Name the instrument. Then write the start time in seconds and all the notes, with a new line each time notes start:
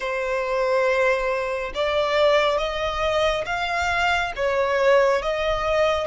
violin
0.00 C5
1.74 D5
2.57 D#5
3.45 F5
4.36 C#5
5.22 D#5